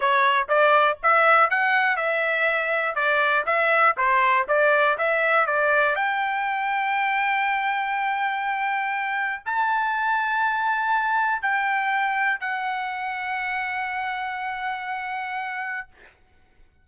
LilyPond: \new Staff \with { instrumentName = "trumpet" } { \time 4/4 \tempo 4 = 121 cis''4 d''4 e''4 fis''4 | e''2 d''4 e''4 | c''4 d''4 e''4 d''4 | g''1~ |
g''2. a''4~ | a''2. g''4~ | g''4 fis''2.~ | fis''1 | }